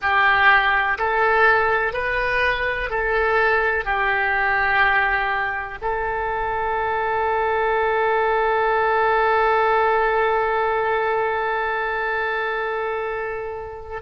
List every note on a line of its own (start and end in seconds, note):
0.01 0.98 G4
0.98 1.93 A4
1.93 2.89 B4
2.90 3.84 A4
3.84 5.78 G4
5.81 14.01 A4